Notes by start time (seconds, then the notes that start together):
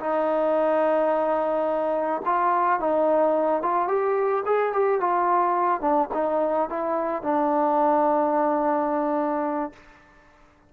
0.00 D#4
2.26 F4
2.80 D#4
3.62 F4
3.88 G4
4.46 G#4
4.73 G4
5.01 F4
5.81 D4
6.14 D#4
6.69 E4
7.23 D4